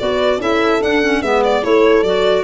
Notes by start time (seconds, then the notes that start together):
0.00 B3 F#4 B4 D5
0.38 C#4 E4 A4 E5
0.81 D4 F#5
1.03 C#4
1.22 G#3 B3 B4 E5
1.44 D5
1.63 A3 E4 A4 C#5
2.03 F#3 F#4 D5